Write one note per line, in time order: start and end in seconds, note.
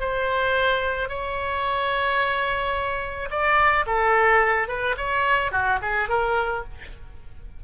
0.00 1.09 C5
1.09 3.29 C#5
3.30 3.85 D5
3.86 4.68 A4
4.68 4.95 B4
4.97 5.51 C#5
5.51 5.79 F#4
5.82 6.09 G#4
6.09 6.64 A#4